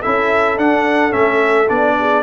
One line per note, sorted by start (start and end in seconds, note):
0.00 0.58 E4
0.00 1.96 A4
0.00 0.58 E5
0.06 0.58 C#4
0.58 1.11 D4
0.58 1.14 D4
0.58 1.12 F#5
1.11 1.70 A3
1.11 1.67 C#4
1.11 1.69 E5
1.68 2.23 B3
1.68 2.23 D4
1.68 2.23 D5
1.99 2.23 G#4